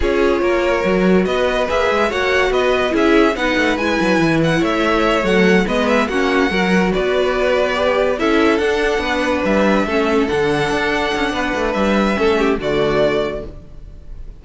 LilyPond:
<<
  \new Staff \with { instrumentName = "violin" } { \time 4/4 \tempo 4 = 143 cis''2. dis''4 | e''4 fis''4 dis''4 e''4 | fis''4 gis''4. fis''8 e''4~ | e''8 fis''4 dis''8 e''8 fis''4.~ |
fis''8 d''2. e''8~ | e''8 fis''2 e''4.~ | e''8 fis''2.~ fis''8 | e''2 d''2 | }
  \new Staff \with { instrumentName = "violin" } { \time 4/4 gis'4 ais'2 b'4~ | b'4 cis''4 b'4 gis'4 | b'2. cis''4~ | cis''4. b'4 fis'4 ais'8~ |
ais'8 b'2. a'8~ | a'4. b'2 a'8~ | a'2. b'4~ | b'4 a'8 g'8 fis'2 | }
  \new Staff \with { instrumentName = "viola" } { \time 4/4 f'2 fis'2 | gis'4 fis'2 e'4 | dis'4 e'2.~ | e'8 a4 b4 cis'4 fis'8~ |
fis'2~ fis'8 g'4 e'8~ | e'8 d'2. cis'8~ | cis'8 d'2.~ d'8~ | d'4 cis'4 a2 | }
  \new Staff \with { instrumentName = "cello" } { \time 4/4 cis'4 ais4 fis4 b4 | ais8 gis8 ais4 b4 cis'4 | b8 a8 gis8 fis8 e4 a4~ | a8 fis4 gis4 ais4 fis8~ |
fis8 b2. cis'8~ | cis'8 d'4 b4 g4 a8~ | a8 d4 d'4 cis'8 b8 a8 | g4 a4 d2 | }
>>